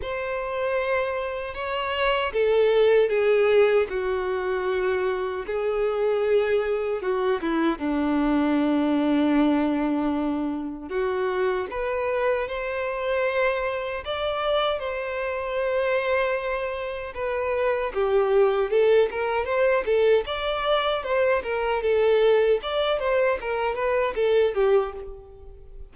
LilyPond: \new Staff \with { instrumentName = "violin" } { \time 4/4 \tempo 4 = 77 c''2 cis''4 a'4 | gis'4 fis'2 gis'4~ | gis'4 fis'8 e'8 d'2~ | d'2 fis'4 b'4 |
c''2 d''4 c''4~ | c''2 b'4 g'4 | a'8 ais'8 c''8 a'8 d''4 c''8 ais'8 | a'4 d''8 c''8 ais'8 b'8 a'8 g'8 | }